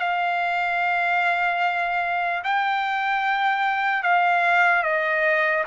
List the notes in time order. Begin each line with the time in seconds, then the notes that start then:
0.00 F5
2.44 G5
4.03 F5
4.83 D#5